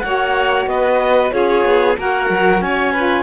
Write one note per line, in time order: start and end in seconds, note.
0.00 0.67 A#3
0.00 1.31 F#4
0.00 0.69 C#5
0.00 0.65 F#5
0.67 1.31 B3
0.67 1.34 B4
0.67 1.32 D#5
1.31 1.65 C#4
1.31 1.95 F4
1.31 1.99 G#4
1.31 1.97 C#5
1.65 1.98 B3
1.98 2.30 A#3
1.98 2.94 F#4
1.98 2.63 A#4
1.98 2.61 F#5
2.30 2.61 F#3
2.61 3.23 C#4
2.61 2.92 C#5
2.61 3.23 G#5
2.92 3.23 F4
2.92 3.23 B4